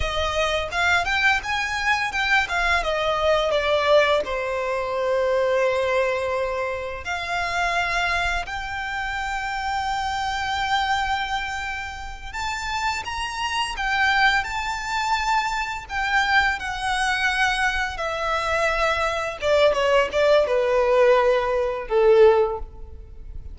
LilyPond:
\new Staff \with { instrumentName = "violin" } { \time 4/4 \tempo 4 = 85 dis''4 f''8 g''8 gis''4 g''8 f''8 | dis''4 d''4 c''2~ | c''2 f''2 | g''1~ |
g''4. a''4 ais''4 g''8~ | g''8 a''2 g''4 fis''8~ | fis''4. e''2 d''8 | cis''8 d''8 b'2 a'4 | }